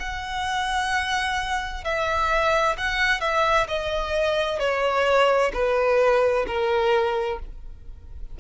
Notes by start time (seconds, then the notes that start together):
0.00 F#5
1.85 E5
2.78 F#5
3.21 E5
3.68 D#5
4.60 C#5
5.54 B4
6.47 A#4